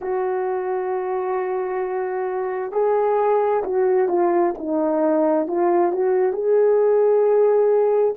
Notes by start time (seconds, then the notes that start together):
0.01 F#4
2.71 G#4
3.63 F#4
4.08 F4
4.58 D#4
5.48 F4
5.92 F#4
6.33 G#4